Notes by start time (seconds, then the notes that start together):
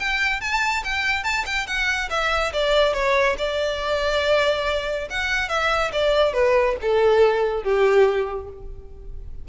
0.00 G5
0.41 A5
0.84 G5
1.24 A5
1.46 G5
1.67 F#5
2.10 E5
2.53 D5
2.94 C#5
3.38 D5
5.10 F#5
5.49 E5
5.92 D5
6.34 B4
6.82 A4
7.63 G4